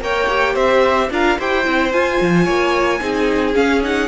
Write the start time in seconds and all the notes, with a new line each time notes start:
0.00 A#3 A#4 C#5 G5
0.28 G4
0.54 C4 C5 E5
1.10 D4 F4 A#4 F5
1.38 E4 G4 C5 G5
1.64 C4 E4
1.92 F4 G#5
2.21 F3
2.44 A#3 C#5
2.99 C4 D#4 G#4
3.54 C#4 F5
3.82 D#4 F#5